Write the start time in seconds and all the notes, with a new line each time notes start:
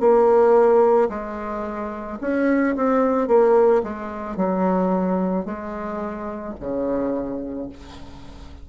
0.00 A#3
1.10 G#3
2.21 C#4
2.76 C4
3.28 A#3
3.83 G#3
4.37 F#3
5.45 G#3
6.60 C#3